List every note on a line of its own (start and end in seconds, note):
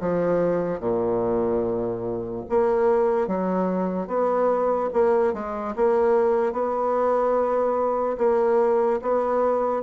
0.00 0.80 F3
0.80 2.44 A#2
2.49 3.27 A#3
3.27 4.07 F#3
4.07 4.89 B3
4.93 5.33 A#3
5.33 5.74 G#3
5.76 6.53 A#3
6.53 8.17 B3
8.18 9.00 A#3
9.02 9.83 B3